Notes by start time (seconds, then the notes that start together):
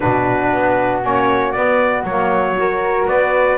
0.00 B2 D4 F#4 B4
0.53 B3
1.01 A#3 C#4 C#5
1.51 B3 D5
2.03 F#3 A#3 C#5
2.56 F#4 A#4
3.06 B3 B4 D5